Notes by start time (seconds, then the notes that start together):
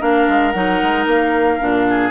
0.00 A#3 D4 A#4 F5
0.28 G#3
0.51 F#3 D#4 F#5
0.83 G#3
1.06 A#3 F5
1.60 A#2 D4
1.90 G#4